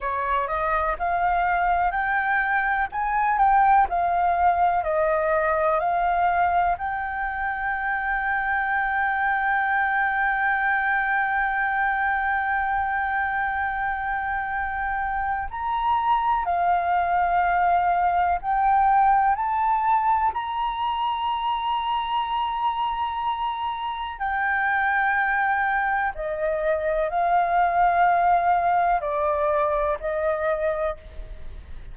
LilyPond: \new Staff \with { instrumentName = "flute" } { \time 4/4 \tempo 4 = 62 cis''8 dis''8 f''4 g''4 gis''8 g''8 | f''4 dis''4 f''4 g''4~ | g''1~ | g''1 |
ais''4 f''2 g''4 | a''4 ais''2.~ | ais''4 g''2 dis''4 | f''2 d''4 dis''4 | }